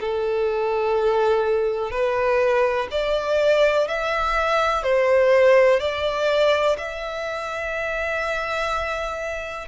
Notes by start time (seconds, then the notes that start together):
0.00 A4
1.91 B4
2.91 D5
3.88 E5
4.83 C5
5.80 D5
6.78 E5